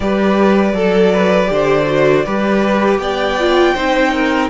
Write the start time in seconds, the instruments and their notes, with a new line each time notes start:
0.00 cello G3, viola G4, violin B4 D5
0.73 cello F#3, viola A4, violin A4
1.12 violin B4
1.46 cello D3, viola G4
1.53 violin C5
1.86 viola F#4
2.25 cello G3, viola G4, violin B4
2.98 cello B3, violin D5 G5
3.39 viola F4
3.73 cello C4, viola D#4, violin C5
4.12 violin A#4